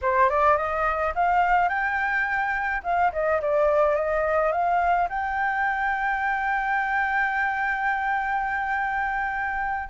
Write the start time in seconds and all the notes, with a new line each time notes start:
0.01 C5
0.29 D5
0.57 D#5
1.14 F5
1.68 G5
2.83 F5
3.12 D#5
3.41 D5
3.95 D#5
4.52 F5
5.09 G5